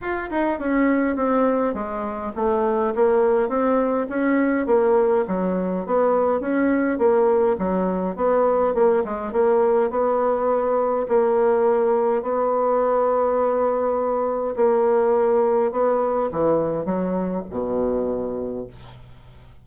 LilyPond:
\new Staff \with { instrumentName = "bassoon" } { \time 4/4 \tempo 4 = 103 f'8 dis'8 cis'4 c'4 gis4 | a4 ais4 c'4 cis'4 | ais4 fis4 b4 cis'4 | ais4 fis4 b4 ais8 gis8 |
ais4 b2 ais4~ | ais4 b2.~ | b4 ais2 b4 | e4 fis4 b,2 | }